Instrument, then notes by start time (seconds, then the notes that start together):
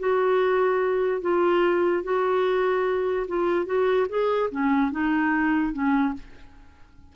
clarinet
0.00 F#4
1.22 F4
2.04 F#4
3.28 F4
3.66 F#4
4.09 G#4
4.51 C#4
4.92 D#4
5.73 C#4